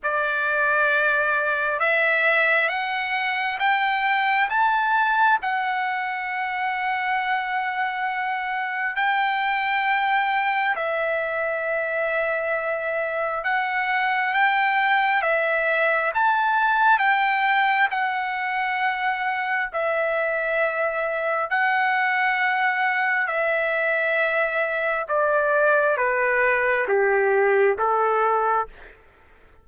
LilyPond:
\new Staff \with { instrumentName = "trumpet" } { \time 4/4 \tempo 4 = 67 d''2 e''4 fis''4 | g''4 a''4 fis''2~ | fis''2 g''2 | e''2. fis''4 |
g''4 e''4 a''4 g''4 | fis''2 e''2 | fis''2 e''2 | d''4 b'4 g'4 a'4 | }